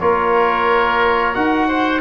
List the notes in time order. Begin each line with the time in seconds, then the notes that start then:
0.00 A#3 F4 A#4 C#5
1.35 D#4 F#4 F#5
1.68 C5